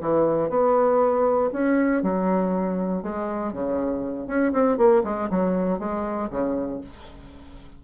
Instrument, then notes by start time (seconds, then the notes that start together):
bassoon
0.00 E3
0.49 B3
1.52 C#4
2.02 F#3
3.02 G#3
3.52 C#3
4.27 C#4
4.52 C4
4.77 A#3
5.04 G#3
5.30 F#3
5.79 G#3
6.30 C#3